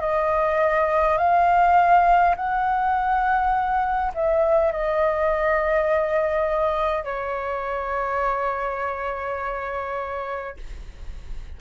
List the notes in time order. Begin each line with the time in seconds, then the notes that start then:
0.00 D#5
1.18 F5
2.35 F#5
4.14 E5
4.72 D#5
7.04 C#5